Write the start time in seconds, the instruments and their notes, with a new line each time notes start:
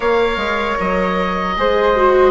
0.00 bassoon A#3, viola A#4, flute C#5, oboe F5
0.36 bassoon G#3
0.80 bassoon F#3, oboe D#5
1.57 bassoon G#3, viola G#4, flute C5
1.96 viola F#4